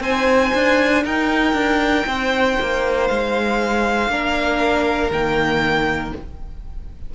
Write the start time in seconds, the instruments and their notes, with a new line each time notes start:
0.00 cello C4, viola D#4, violin C5 G#5
0.54 cello D4
1.04 cello D#4, violin A#4 G5
1.53 cello D4
2.06 cello C4, violin C5
2.60 cello A#3
3.07 cello G#3, violin F5
4.08 cello A#3, viola D4, violin A#4
5.10 cello D#3, viola A#3, violin G5